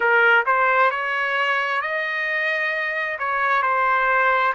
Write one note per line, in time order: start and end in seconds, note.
0.00 0.44 A#4
0.45 0.90 C5
0.90 1.81 C#5
1.81 3.18 D#5
3.18 3.62 C#5
3.62 4.53 C5